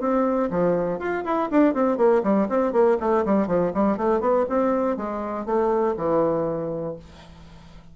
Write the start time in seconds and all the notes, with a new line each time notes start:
0.00 C4
0.51 F3
0.99 F4
1.25 E4
1.51 D4
1.74 C4
1.97 A#3
2.23 G3
2.49 C4
2.73 A#3
3.00 A3
3.25 G3
3.48 F3
3.74 G3
3.97 A3
4.21 B3
4.49 C4
4.97 G#3
5.46 A3
5.97 E3